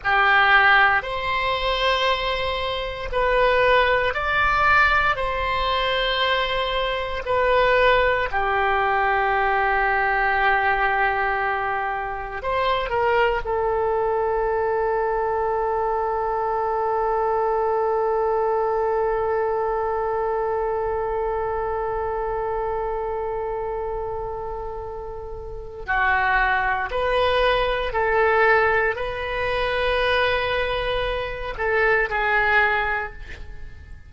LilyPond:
\new Staff \with { instrumentName = "oboe" } { \time 4/4 \tempo 4 = 58 g'4 c''2 b'4 | d''4 c''2 b'4 | g'1 | c''8 ais'8 a'2.~ |
a'1~ | a'1~ | a'4 fis'4 b'4 a'4 | b'2~ b'8 a'8 gis'4 | }